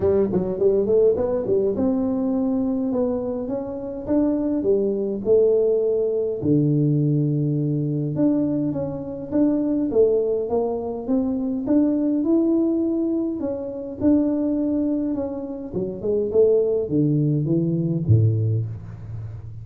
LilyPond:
\new Staff \with { instrumentName = "tuba" } { \time 4/4 \tempo 4 = 103 g8 fis8 g8 a8 b8 g8 c'4~ | c'4 b4 cis'4 d'4 | g4 a2 d4~ | d2 d'4 cis'4 |
d'4 a4 ais4 c'4 | d'4 e'2 cis'4 | d'2 cis'4 fis8 gis8 | a4 d4 e4 a,4 | }